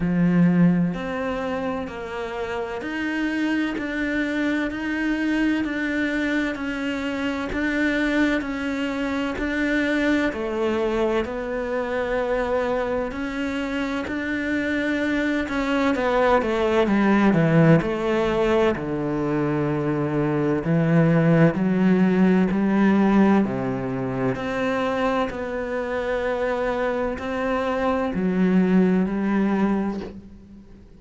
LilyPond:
\new Staff \with { instrumentName = "cello" } { \time 4/4 \tempo 4 = 64 f4 c'4 ais4 dis'4 | d'4 dis'4 d'4 cis'4 | d'4 cis'4 d'4 a4 | b2 cis'4 d'4~ |
d'8 cis'8 b8 a8 g8 e8 a4 | d2 e4 fis4 | g4 c4 c'4 b4~ | b4 c'4 fis4 g4 | }